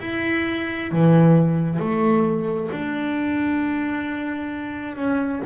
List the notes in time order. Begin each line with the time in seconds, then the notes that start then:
0.00 E4
0.91 E3
1.79 A3
2.71 D4
4.95 C#4